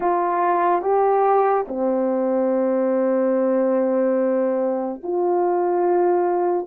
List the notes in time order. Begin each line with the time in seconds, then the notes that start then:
0.00 F4
0.82 G4
1.67 C4
5.03 F4